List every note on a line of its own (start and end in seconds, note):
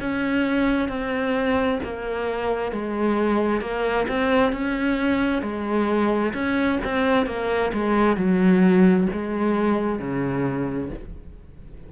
0.00 0.88 C#4
0.88 1.79 C4
1.83 2.72 A#3
2.72 3.61 G#3
3.61 4.07 A#3
4.08 4.52 C4
4.52 5.42 C#4
5.42 6.33 G#3
6.33 6.79 C#4
6.84 7.26 C4
7.26 7.72 A#3
7.74 8.17 G#3
8.17 9.07 F#3
9.12 9.99 G#3
9.99 10.90 C#3